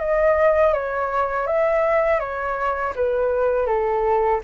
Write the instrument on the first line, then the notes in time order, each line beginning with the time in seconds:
flute
0.00 D#5
0.73 C#5
1.47 E5
2.20 C#5
2.96 B4
3.66 A4